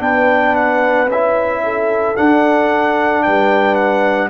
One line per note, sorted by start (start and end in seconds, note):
0.00 1.07 B3
0.00 1.07 D4
0.00 1.63 B4
0.00 0.56 G5
0.56 1.10 F#5
1.07 2.14 C#4
1.07 2.17 E5
1.13 2.17 E4
1.64 3.25 A4
2.17 4.30 D4
2.17 3.27 D4
2.17 3.23 F#5
3.23 4.30 G3
3.23 4.30 B4
3.23 3.75 G5
3.75 4.29 F#5